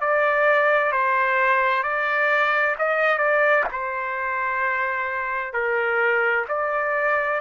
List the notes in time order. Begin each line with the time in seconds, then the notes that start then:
0.00 D5
0.91 C5
1.83 D5
2.78 D#5
3.18 D5
3.71 C5
5.53 A#4
6.48 D5